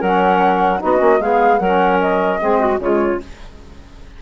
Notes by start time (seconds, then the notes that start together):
0.00 F#3 C#4 A#4 F#5
0.78 B3 D#4 F#4 D#5
0.97 A#3 C#4
1.20 G#3 B3 G#4 F5
1.58 F#3 C#4 A#4 F#5
2.00 D#5
2.39 G#3 C4 G#4
2.59 F#4
2.79 C#3 G#3 F4 C#5